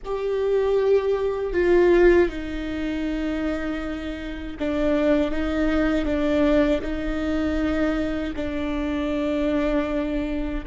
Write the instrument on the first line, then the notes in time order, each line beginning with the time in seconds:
viola
0.04 G4
1.53 F4
2.29 D#4
4.59 D4
5.31 D#4
6.05 D4
6.81 D#4
8.35 D4